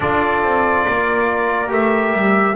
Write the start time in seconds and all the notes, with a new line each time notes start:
0.00 D4 F4 A4 D5
0.42 C4
0.85 A#3 A#4
1.67 A3 G4 E5
2.12 G3